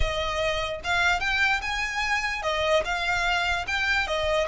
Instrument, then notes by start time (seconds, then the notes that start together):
violin
0.00 D#5
0.83 F5
1.20 G5
1.61 G#5
2.42 D#5
2.84 F5
3.67 G5
4.07 D#5